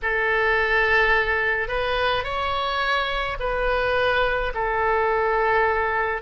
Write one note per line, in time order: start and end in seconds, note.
0.02 1.67 A4
1.67 2.24 B4
2.24 3.37 C#5
3.39 4.52 B4
4.54 6.21 A4